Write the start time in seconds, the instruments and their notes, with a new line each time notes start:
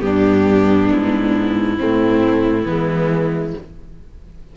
0.00 cello G2, viola B3, violin D4 G4
0.90 cello G#2, violin E4
1.77 cello A2, viola A3, violin C4
2.63 cello E3, viola G#3, violin B3